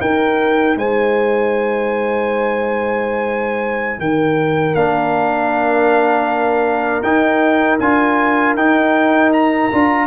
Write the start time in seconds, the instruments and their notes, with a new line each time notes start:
0.00 tuba D#4, trombone D#4, horn A#4, trumpet G5
0.76 tuba G#3, horn C5, trumpet G#5
3.99 tuba D#3, horn A#4, trumpet G5
4.74 tuba A#3, trombone D4, trumpet F5
7.02 tuba D#4, trombone D#4, trumpet G5
7.79 tuba D4, trombone F4, trumpet G#5
8.54 tuba D#4, trombone D#4, trumpet G5
9.33 trumpet A#5
9.72 tuba D4, trombone F4